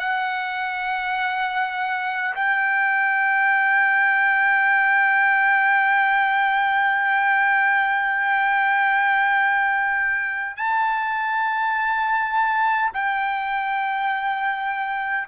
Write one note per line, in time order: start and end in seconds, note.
0.00 2.35 F#5
2.35 10.57 G5
10.57 12.93 A5
12.94 15.28 G5